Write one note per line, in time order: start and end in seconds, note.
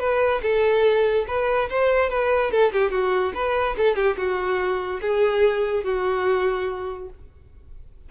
0.00 0.42 B4
0.43 1.26 A4
1.28 1.70 B4
1.70 2.10 C5
2.10 2.52 B4
2.52 2.72 A4
2.73 2.92 G4
2.92 3.33 F#4
3.35 3.76 B4
3.77 3.96 A4
3.96 4.17 G4
4.17 5.01 F#4
5.01 5.84 G#4
5.84 7.09 F#4